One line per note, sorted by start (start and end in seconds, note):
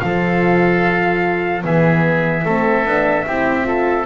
0.00 1.64 F3
0.00 1.62 F4
0.00 1.65 A4
0.00 1.62 F5
1.62 2.45 E3
1.62 2.43 B3
1.62 2.45 G#4
1.62 4.05 E5
2.45 2.85 A3
2.45 2.86 C4
2.45 3.26 A4
2.85 3.25 B3
2.85 3.26 D4
3.27 4.05 C4
3.27 3.63 E4
3.27 3.67 G4
3.63 4.04 F4
3.63 4.05 A4